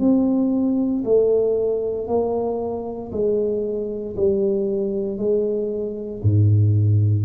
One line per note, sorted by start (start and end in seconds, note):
0.00 1.03 C4
1.05 2.08 A3
2.08 3.11 A#3
3.12 4.16 G#3
4.17 5.18 G3
5.18 6.22 G#3
6.23 7.25 G#2